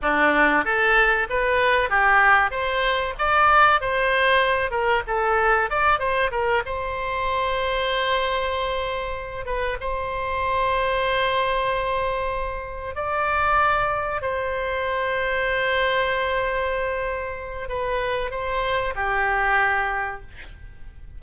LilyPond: \new Staff \with { instrumentName = "oboe" } { \time 4/4 \tempo 4 = 95 d'4 a'4 b'4 g'4 | c''4 d''4 c''4. ais'8 | a'4 d''8 c''8 ais'8 c''4.~ | c''2. b'8 c''8~ |
c''1~ | c''8 d''2 c''4.~ | c''1 | b'4 c''4 g'2 | }